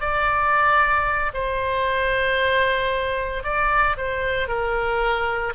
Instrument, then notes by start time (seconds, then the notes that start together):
oboe
0.00 D5
1.33 C5
3.44 D5
3.97 C5
4.48 A#4